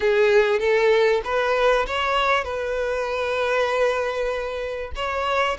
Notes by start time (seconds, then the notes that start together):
0.00 G#4
0.59 A4
1.24 B4
1.86 C#5
2.44 B4
4.95 C#5